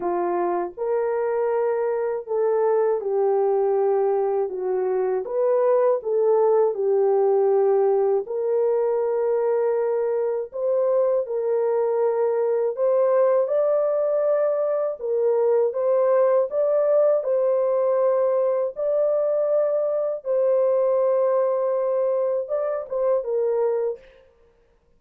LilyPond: \new Staff \with { instrumentName = "horn" } { \time 4/4 \tempo 4 = 80 f'4 ais'2 a'4 | g'2 fis'4 b'4 | a'4 g'2 ais'4~ | ais'2 c''4 ais'4~ |
ais'4 c''4 d''2 | ais'4 c''4 d''4 c''4~ | c''4 d''2 c''4~ | c''2 d''8 c''8 ais'4 | }